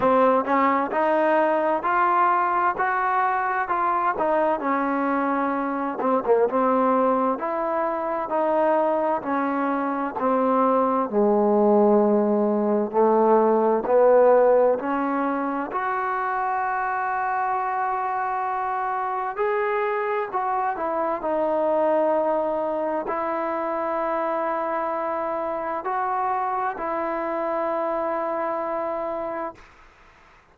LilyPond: \new Staff \with { instrumentName = "trombone" } { \time 4/4 \tempo 4 = 65 c'8 cis'8 dis'4 f'4 fis'4 | f'8 dis'8 cis'4. c'16 ais16 c'4 | e'4 dis'4 cis'4 c'4 | gis2 a4 b4 |
cis'4 fis'2.~ | fis'4 gis'4 fis'8 e'8 dis'4~ | dis'4 e'2. | fis'4 e'2. | }